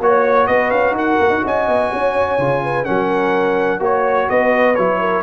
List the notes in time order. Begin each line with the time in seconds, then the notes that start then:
0.00 A#3 F#4 C#5
0.47 B3 B4 D#5
0.71 C#4 F5
0.91 D#4 A#4
0.98 F#5
1.20 A#3
1.30 D#4
1.44 C#4 D#5 G#5
1.68 B3
1.91 C#4 C#5
2.38 C#3 F4
2.63 B4
2.85 F#3 C#4 A#4 F#5
3.79 A#3 F#4 C#5
4.28 B3 B4 D#5
4.75 F#3 E4 C#5
5.00 A#4